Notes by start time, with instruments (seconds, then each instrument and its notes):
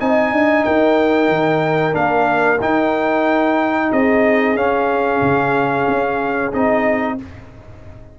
0.00 tuba C4, trombone D#4, horn D#5, trumpet G#5
0.32 tuba D4
0.64 tuba D#4, horn A#4, trumpet G5
1.29 tuba D#3
1.92 tuba A#3, trombone D4, trumpet F5
2.60 tuba D#4, trombone D#4, trumpet G5
3.90 tuba C4, horn G#4, trumpet D#5
4.55 tuba C#4, trombone C#4, trumpet F5
5.21 tuba C#3
5.88 tuba C#4
6.53 tuba C4, trombone D#4, trumpet D#5